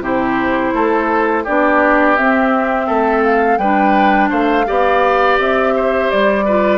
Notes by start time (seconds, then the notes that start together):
0.00 C3 E4 G4 C5
0.74 A3 A4
1.44 B3 D4 G4 D5
2.15 C4 E5
2.86 A3 A4
3.23 F5
3.58 G3 D4 B4 G5
4.29 A3 C5 F5
4.65 B3 G4 D5
5.39 C4 E5
5.76 C5
6.10 G3 D5
6.45 F4 B4